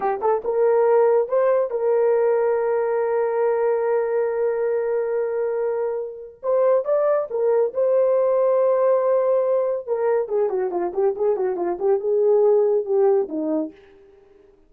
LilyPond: \new Staff \with { instrumentName = "horn" } { \time 4/4 \tempo 4 = 140 g'8 a'8 ais'2 c''4 | ais'1~ | ais'1~ | ais'2. c''4 |
d''4 ais'4 c''2~ | c''2. ais'4 | gis'8 fis'8 f'8 g'8 gis'8 fis'8 f'8 g'8 | gis'2 g'4 dis'4 | }